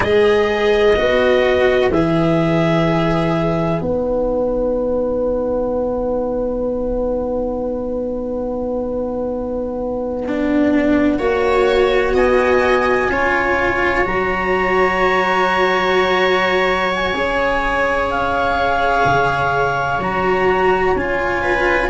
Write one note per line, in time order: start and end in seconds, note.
0.00 0.95 G#3
0.00 0.94 G#4
0.00 11.18 B4
0.00 1.90 D#5
0.95 1.90 B3
0.95 1.91 F#4
1.90 3.80 E3
1.90 3.81 G#4
1.90 3.80 E5
3.80 11.18 B3
3.80 10.24 D#4
3.80 12.14 F#5
10.27 11.18 D4
11.18 12.14 A#3
11.18 13.09 F#4
11.18 12.13 C#5
12.14 13.09 B3
12.14 13.09 D#5
12.14 14.06 G#5
13.09 14.04 C#4
13.09 14.04 F4
13.09 21.41 C#5
14.04 17.13 F#3
14.04 17.13 F#4
14.04 16.92 A#5
16.94 18.10 G#5
17.13 19.03 C#4
17.13 20.00 G#4
18.10 20.01 F5
19.05 19.98 C#3
19.98 20.93 F#3
19.98 20.96 F#4
19.98 20.96 A#5
20.95 21.89 C#4
20.95 21.89 F4
20.95 21.89 G#5
21.41 21.89 B4